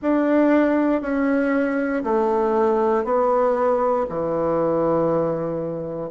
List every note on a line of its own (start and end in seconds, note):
0.02 1.01 D4
1.01 2.03 C#4
2.03 3.04 A3
3.04 4.06 B3
4.09 6.10 E3